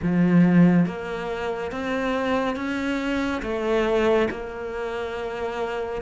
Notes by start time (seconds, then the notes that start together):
0.02 F3
0.86 A#3
1.71 C4
2.56 C#4
3.42 A3
4.30 A#3